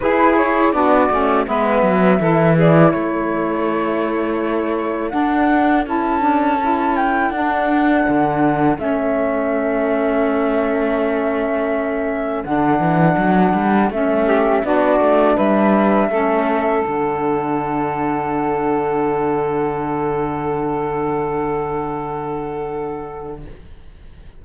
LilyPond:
<<
  \new Staff \with { instrumentName = "flute" } { \time 4/4 \tempo 4 = 82 b'8 cis''8 d''4 e''4. d''8 | cis''2. fis''4 | a''4. g''8 fis''2 | e''1~ |
e''4 fis''2 e''4 | d''4 e''2 fis''4~ | fis''1~ | fis''1 | }
  \new Staff \with { instrumentName = "saxophone" } { \time 4/4 gis'4 fis'4 b'4 a'8 gis'8 | a'1~ | a'1~ | a'1~ |
a'2.~ a'8 g'8 | fis'4 b'4 a'2~ | a'1~ | a'1 | }
  \new Staff \with { instrumentName = "saxophone" } { \time 4/4 e'4 d'8 cis'8 b4 e'4~ | e'2. d'4 | e'8 d'8 e'4 d'2 | cis'1~ |
cis'4 d'2 cis'4 | d'2 cis'4 d'4~ | d'1~ | d'1 | }
  \new Staff \with { instrumentName = "cello" } { \time 4/4 e'4 b8 a8 gis8 fis8 e4 | a2. d'4 | cis'2 d'4 d4 | a1~ |
a4 d8 e8 fis8 g8 a4 | b8 a8 g4 a4 d4~ | d1~ | d1 | }
>>